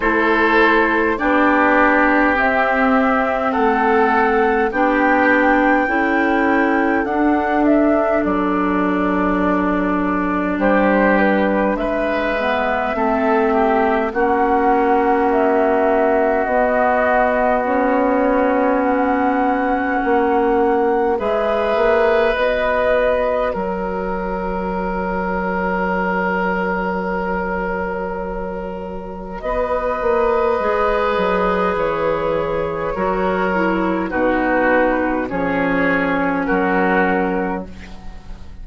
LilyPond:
<<
  \new Staff \with { instrumentName = "flute" } { \time 4/4 \tempo 4 = 51 c''4 d''4 e''4 fis''4 | g''2 fis''8 e''8 d''4~ | d''4 c''8 b'8 e''2 | fis''4 e''4 dis''4 cis''4 |
fis''2 e''4 dis''4 | cis''1~ | cis''4 dis''2 cis''4~ | cis''4 b'4 cis''4 ais'4 | }
  \new Staff \with { instrumentName = "oboe" } { \time 4/4 a'4 g'2 a'4 | g'4 a'2.~ | a'4 g'4 b'4 a'8 g'8 | fis'1~ |
fis'2 b'2 | ais'1~ | ais'4 b'2. | ais'4 fis'4 gis'4 fis'4 | }
  \new Staff \with { instrumentName = "clarinet" } { \time 4/4 e'4 d'4 c'2 | d'4 e'4 d'2~ | d'2~ d'8 b8 c'4 | cis'2 b4 cis'4~ |
cis'2 gis'4 fis'4~ | fis'1~ | fis'2 gis'2 | fis'8 e'8 dis'4 cis'2 | }
  \new Staff \with { instrumentName = "bassoon" } { \time 4/4 a4 b4 c'4 a4 | b4 cis'4 d'4 fis4~ | fis4 g4 gis4 a4 | ais2 b2~ |
b4 ais4 gis8 ais8 b4 | fis1~ | fis4 b8 ais8 gis8 fis8 e4 | fis4 b,4 f4 fis4 | }
>>